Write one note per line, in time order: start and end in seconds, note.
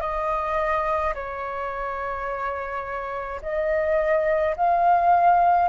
0.00 1.13 D#5
1.14 3.40 C#5
3.42 4.55 D#5
4.56 5.68 F5